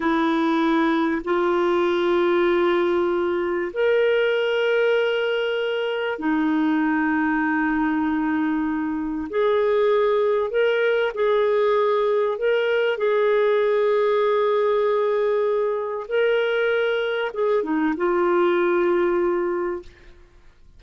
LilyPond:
\new Staff \with { instrumentName = "clarinet" } { \time 4/4 \tempo 4 = 97 e'2 f'2~ | f'2 ais'2~ | ais'2 dis'2~ | dis'2. gis'4~ |
gis'4 ais'4 gis'2 | ais'4 gis'2.~ | gis'2 ais'2 | gis'8 dis'8 f'2. | }